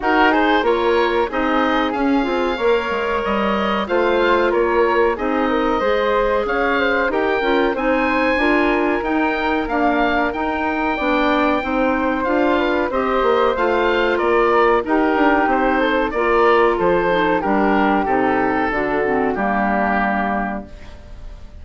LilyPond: <<
  \new Staff \with { instrumentName = "oboe" } { \time 4/4 \tempo 4 = 93 ais'8 c''8 cis''4 dis''4 f''4~ | f''4 dis''4 f''4 cis''4 | dis''2 f''4 g''4 | gis''2 g''4 f''4 |
g''2. f''4 | dis''4 f''4 d''4 ais'4 | c''4 d''4 c''4 ais'4 | a'2 g'2 | }
  \new Staff \with { instrumentName = "flute" } { \time 4/4 fis'8 gis'8 ais'4 gis'2 | cis''2 c''4 ais'4 | gis'8 ais'8 c''4 cis''8 c''8 ais'4 | c''4 ais'2.~ |
ais'4 d''4 c''4. b'8 | c''2 ais'4 g'4~ | g'8 a'8 ais'4 a'4 g'4~ | g'4 fis'4 d'2 | }
  \new Staff \with { instrumentName = "clarinet" } { \time 4/4 dis'4 f'4 dis'4 cis'8 f'8 | ais'2 f'2 | dis'4 gis'2 g'8 f'8 | dis'4 f'4 dis'4 ais4 |
dis'4 d'4 dis'4 f'4 | g'4 f'2 dis'4~ | dis'4 f'4. dis'8 d'4 | dis'4 d'8 c'8 ais2 | }
  \new Staff \with { instrumentName = "bassoon" } { \time 4/4 dis'4 ais4 c'4 cis'8 c'8 | ais8 gis8 g4 a4 ais4 | c'4 gis4 cis'4 dis'8 cis'8 | c'4 d'4 dis'4 d'4 |
dis'4 b4 c'4 d'4 | c'8 ais8 a4 ais4 dis'8 d'8 | c'4 ais4 f4 g4 | c4 d4 g2 | }
>>